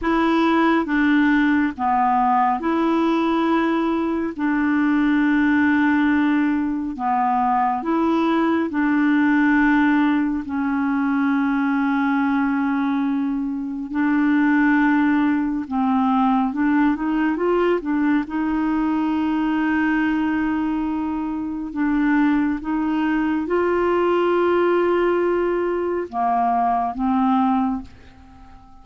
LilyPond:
\new Staff \with { instrumentName = "clarinet" } { \time 4/4 \tempo 4 = 69 e'4 d'4 b4 e'4~ | e'4 d'2. | b4 e'4 d'2 | cis'1 |
d'2 c'4 d'8 dis'8 | f'8 d'8 dis'2.~ | dis'4 d'4 dis'4 f'4~ | f'2 ais4 c'4 | }